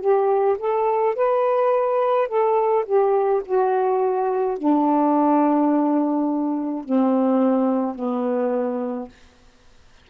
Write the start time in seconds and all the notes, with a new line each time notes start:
0.00 G4
0.58 A4
1.15 B4
2.27 A4
2.85 G4
3.45 F#4
4.57 D4
6.84 C4
7.95 B3